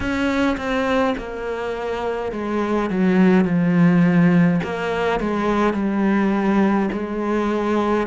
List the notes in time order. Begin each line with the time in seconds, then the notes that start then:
0.00 C#4
0.57 C4
1.17 A#3
2.32 G#3
2.90 F#3
3.45 F3
4.63 A#3
5.20 G#3
5.73 G3
6.92 G#3